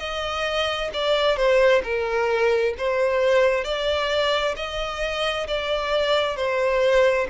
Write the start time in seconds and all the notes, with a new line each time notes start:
0.00 D#5
0.94 D5
1.37 C5
1.84 A#4
2.79 C5
3.64 D5
4.57 D#5
5.48 D5
6.36 C5